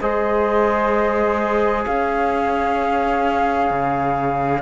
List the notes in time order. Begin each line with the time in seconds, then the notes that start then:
0.00 G#3 G#4 C5 D#5
1.86 C#4 C#5 F5
3.71 C#3